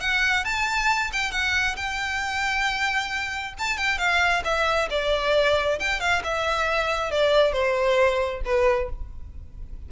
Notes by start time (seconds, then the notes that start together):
0.00 F#5
0.44 A5
1.12 G5
1.31 F#5
1.76 G5
3.58 A5
3.77 G5
3.98 F5
4.44 E5
4.90 D5
5.79 G5
6.00 F5
6.24 E5
7.11 D5
7.53 C5
8.45 B4